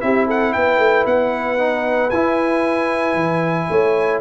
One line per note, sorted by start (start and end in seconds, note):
0.00 0.55 C4
0.00 1.58 E4
0.00 0.26 G4
0.00 0.26 E5
0.26 0.53 A4
0.26 0.52 F#5
0.52 0.78 B3
0.52 3.70 B4
0.52 1.05 G5
0.78 1.04 A3
1.05 2.11 B3
1.05 2.10 F#5
1.58 2.11 D#4
2.10 3.14 E4
2.10 4.21 E4
2.10 4.20 G#5
3.14 3.67 E3
3.69 4.21 A3
3.69 4.21 C#5